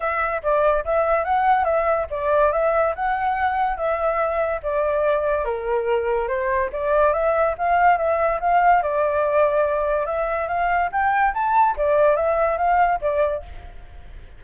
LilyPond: \new Staff \with { instrumentName = "flute" } { \time 4/4 \tempo 4 = 143 e''4 d''4 e''4 fis''4 | e''4 d''4 e''4 fis''4~ | fis''4 e''2 d''4~ | d''4 ais'2 c''4 |
d''4 e''4 f''4 e''4 | f''4 d''2. | e''4 f''4 g''4 a''4 | d''4 e''4 f''4 d''4 | }